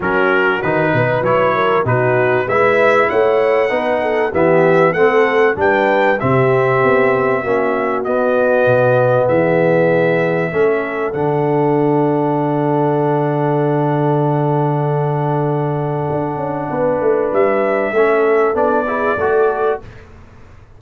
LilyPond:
<<
  \new Staff \with { instrumentName = "trumpet" } { \time 4/4 \tempo 4 = 97 ais'4 b'4 cis''4 b'4 | e''4 fis''2 e''4 | fis''4 g''4 e''2~ | e''4 dis''2 e''4~ |
e''2 fis''2~ | fis''1~ | fis''1 | e''2 d''2 | }
  \new Staff \with { instrumentName = "horn" } { \time 4/4 fis'4. b'4 ais'8 fis'4 | b'4 cis''4 b'8 a'8 g'4 | a'4 b'4 g'2 | fis'2. gis'4~ |
gis'4 a'2.~ | a'1~ | a'2. b'4~ | b'4 a'4. gis'8 a'4 | }
  \new Staff \with { instrumentName = "trombone" } { \time 4/4 cis'4 dis'4 e'4 dis'4 | e'2 dis'4 b4 | c'4 d'4 c'2 | cis'4 b2.~ |
b4 cis'4 d'2~ | d'1~ | d'1~ | d'4 cis'4 d'8 e'8 fis'4 | }
  \new Staff \with { instrumentName = "tuba" } { \time 4/4 fis4 dis8 b,8 fis4 b,4 | gis4 a4 b4 e4 | a4 g4 c4 b4 | ais4 b4 b,4 e4~ |
e4 a4 d2~ | d1~ | d2 d'8 cis'8 b8 a8 | g4 a4 b4 a4 | }
>>